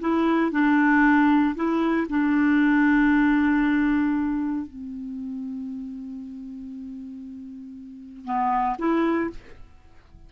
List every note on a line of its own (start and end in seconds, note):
0.00 0.51 E4
0.51 1.55 D4
1.55 2.07 E4
2.09 4.66 D4
4.66 8.25 C4
8.25 8.77 B3
8.78 9.30 E4